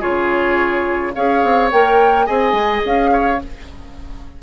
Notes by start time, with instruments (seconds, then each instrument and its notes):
0.00 bassoon C#3, clarinet F4, oboe G#4, flute C#5
1.14 bassoon C#4, clarinet G#4, oboe C#5, flute F5
1.44 bassoon C4
1.71 bassoon A#3, clarinet A#4, flute G5
2.26 bassoon C4, clarinet G#4, oboe D#5, flute G#5
2.52 bassoon G#3
2.85 bassoon C#4, flute F5
3.12 oboe C#5